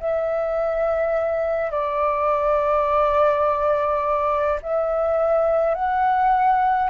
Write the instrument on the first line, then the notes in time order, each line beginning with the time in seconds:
flute
0.00 E5
1.71 D5
4.62 E5
5.75 F#5